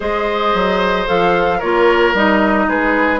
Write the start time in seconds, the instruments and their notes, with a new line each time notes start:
0.00 bassoon G#3, clarinet G#4, oboe C5, flute D#5
0.54 bassoon F#3
1.06 bassoon F3, clarinet A4, flute F5
1.58 bassoon A#3, clarinet F4, oboe A#4, flute C#5
2.13 bassoon G3, clarinet D#4, flute D#5
2.68 bassoon G#3, oboe G#4, flute B4